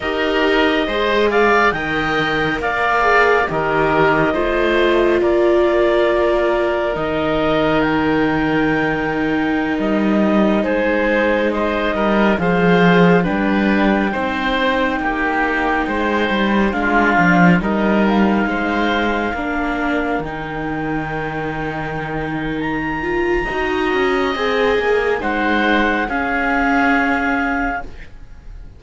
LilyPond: <<
  \new Staff \with { instrumentName = "clarinet" } { \time 4/4 \tempo 4 = 69 dis''4. f''8 g''4 f''4 | dis''2 d''2 | dis''4 g''2~ g''16 dis''8.~ | dis''16 c''4 dis''4 f''4 g''8.~ |
g''2.~ g''16 f''8.~ | f''16 dis''8 f''2~ f''8 g''8.~ | g''2 ais''2 | gis''4 fis''4 f''2 | }
  \new Staff \with { instrumentName = "oboe" } { \time 4/4 ais'4 c''8 d''8 dis''4 d''4 | ais'4 c''4 ais'2~ | ais'1~ | ais'16 gis'4 c''8 ais'8 c''4 b'8.~ |
b'16 c''4 g'4 c''4 f'8.~ | f'16 ais'4 c''4 ais'4.~ ais'16~ | ais'2. dis''4~ | dis''4 c''4 gis'2 | }
  \new Staff \with { instrumentName = "viola" } { \time 4/4 g'4 gis'4 ais'4. gis'8 | g'4 f'2. | dis'1~ | dis'2~ dis'16 gis'4 d'8.~ |
d'16 dis'2. d'8.~ | d'16 dis'2 d'4 dis'8.~ | dis'2~ dis'8 f'8 fis'4 | gis'4 dis'4 cis'2 | }
  \new Staff \with { instrumentName = "cello" } { \time 4/4 dis'4 gis4 dis4 ais4 | dis4 a4 ais2 | dis2.~ dis16 g8.~ | g16 gis4. g8 f4 g8.~ |
g16 c'4 ais4 gis8 g8 gis8 f16~ | f16 g4 gis4 ais4 dis8.~ | dis2. dis'8 cis'8 | c'8 ais8 gis4 cis'2 | }
>>